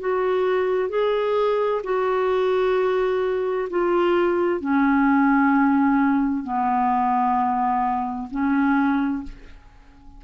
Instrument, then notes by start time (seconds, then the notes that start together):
clarinet
0.00 F#4
0.89 G#4
1.84 F#4
3.70 F4
4.61 C#4
6.44 B3
8.31 C#4